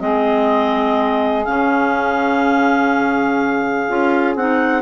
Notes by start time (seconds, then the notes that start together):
0.00 G#3 C4 G#4 D#5
1.45 C#3 C#4 F5
3.89 C#4 F4
4.36 C4 D#4 F#5